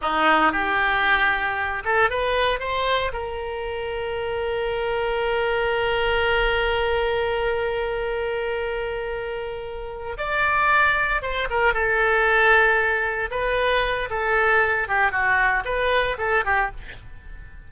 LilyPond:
\new Staff \with { instrumentName = "oboe" } { \time 4/4 \tempo 4 = 115 dis'4 g'2~ g'8 a'8 | b'4 c''4 ais'2~ | ais'1~ | ais'1~ |
ais'2.~ ais'8 d''8~ | d''4. c''8 ais'8 a'4.~ | a'4. b'4. a'4~ | a'8 g'8 fis'4 b'4 a'8 g'8 | }